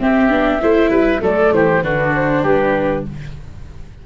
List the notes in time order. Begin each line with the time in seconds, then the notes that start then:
0.00 C4 G4 E5
0.30 B3 D4
0.61 A3 E4 C5
0.90 G3 B4
1.21 F#3 A3 A4 D5
1.53 E3 G4 C5
1.82 D3 D4 F#4 B4
2.15 C5
2.43 G3 G4 B4